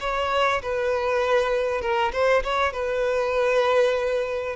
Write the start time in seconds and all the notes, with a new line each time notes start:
0.00 C#5
0.62 B4
1.81 A#4
2.12 C5
2.43 C#5
2.72 B4